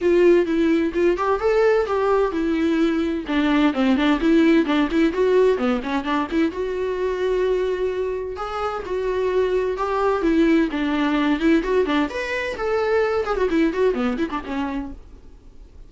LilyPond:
\new Staff \with { instrumentName = "viola" } { \time 4/4 \tempo 4 = 129 f'4 e'4 f'8 g'8 a'4 | g'4 e'2 d'4 | c'8 d'8 e'4 d'8 e'8 fis'4 | b8 cis'8 d'8 e'8 fis'2~ |
fis'2 gis'4 fis'4~ | fis'4 g'4 e'4 d'4~ | d'8 e'8 fis'8 d'8 b'4 a'4~ | a'8 gis'16 fis'16 e'8 fis'8 b8 e'16 d'16 cis'4 | }